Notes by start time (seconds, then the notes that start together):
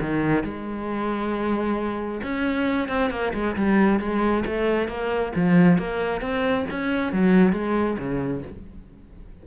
0.00 D#3
0.43 G#3
2.22 C#4
2.88 C4
3.10 A#3
3.33 G#3
3.56 G3
3.99 G#3
4.45 A3
4.87 A#3
5.35 F3
5.78 A#3
6.21 C4
6.70 C#4
7.12 F#3
7.52 G#3
7.98 C#3